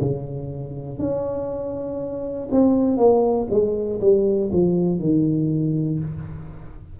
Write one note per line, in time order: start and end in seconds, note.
0.00 0.99 C#3
0.99 2.49 C#4
2.51 2.97 C4
2.97 3.47 A#3
3.50 4.00 G#3
4.00 4.50 G3
4.52 4.99 F3
4.99 5.99 D#3